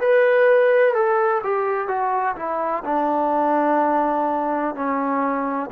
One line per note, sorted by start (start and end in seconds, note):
0.00 0.94 B4
0.94 1.42 A4
1.43 1.88 G4
1.88 2.35 F#4
2.35 2.83 E4
2.85 4.75 D4
4.75 5.70 C#4